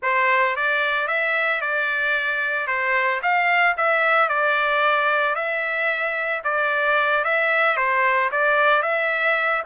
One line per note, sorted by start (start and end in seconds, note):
0.02 0.56 C5
0.56 1.07 D5
1.07 1.61 E5
1.61 2.67 D5
2.67 3.20 C5
3.22 3.75 F5
3.77 4.29 E5
4.29 5.35 D5
5.35 6.42 E5
6.44 7.24 D5
7.24 7.76 E5
7.76 8.30 C5
8.31 8.82 D5
8.82 9.62 E5